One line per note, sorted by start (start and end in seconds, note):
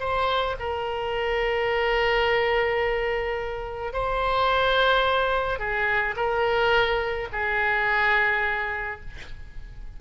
0.00 0.56 C5
0.60 3.93 A#4
3.93 5.59 C5
5.59 6.15 G#4
6.16 7.28 A#4
7.33 9.01 G#4